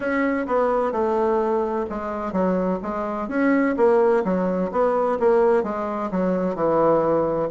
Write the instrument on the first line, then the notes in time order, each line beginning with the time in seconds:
bassoon
0.00 C#4
0.46 B3
0.92 A3
1.89 G#3
2.32 F#3
2.82 G#3
3.28 C#4
3.76 A#3
4.24 F#3
4.71 B3
5.19 A#3
5.62 G#3
6.11 F#3
6.55 E3